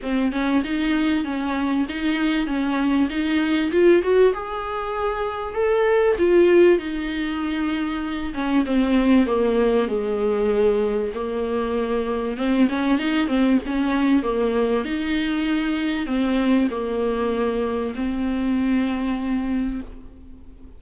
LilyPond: \new Staff \with { instrumentName = "viola" } { \time 4/4 \tempo 4 = 97 c'8 cis'8 dis'4 cis'4 dis'4 | cis'4 dis'4 f'8 fis'8 gis'4~ | gis'4 a'4 f'4 dis'4~ | dis'4. cis'8 c'4 ais4 |
gis2 ais2 | c'8 cis'8 dis'8 c'8 cis'4 ais4 | dis'2 c'4 ais4~ | ais4 c'2. | }